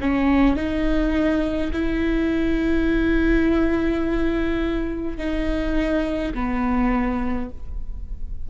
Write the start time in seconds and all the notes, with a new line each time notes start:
0.00 C#4
0.56 D#4
1.72 E4
5.18 D#4
6.34 B3